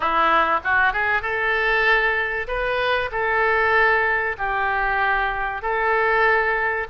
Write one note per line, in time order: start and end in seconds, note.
0.00 0.59 E4
0.63 0.92 F#4
0.92 1.22 G#4
1.22 2.47 A4
2.47 3.10 B4
3.11 4.36 A4
4.38 5.62 G4
5.62 6.87 A4